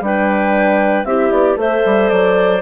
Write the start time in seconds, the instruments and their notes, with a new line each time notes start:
0.00 bassoon G3, horn D4, clarinet B4, flute G5
1.04 bassoon C4, horn E4, clarinet G4, flute E5
1.31 bassoon B3, flute D5
1.56 bassoon A3, horn A4, clarinet C5, flute E5
1.85 bassoon G3
2.09 bassoon F#3, flute D5